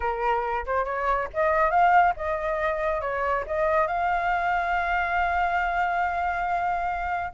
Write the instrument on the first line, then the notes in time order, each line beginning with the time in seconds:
flute
0.00 A#4
0.66 C5
0.84 C#5
1.33 D#5
1.70 F5
2.16 D#5
3.01 C#5
3.46 D#5
3.87 F5